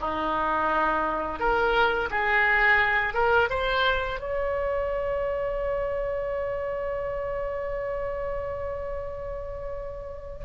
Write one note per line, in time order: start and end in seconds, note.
0.00 1.39 D#4
1.39 2.09 A#4
2.10 3.14 G#4
3.14 3.49 A#4
3.50 4.19 C5
4.19 10.45 C#5